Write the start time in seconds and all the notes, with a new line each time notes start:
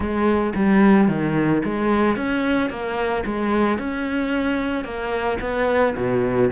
0.00 G#3
0.55 G3
1.08 D#3
1.65 G#3
2.16 C#4
2.70 A#3
3.25 G#3
3.78 C#4
4.84 A#3
5.40 B3
5.96 B2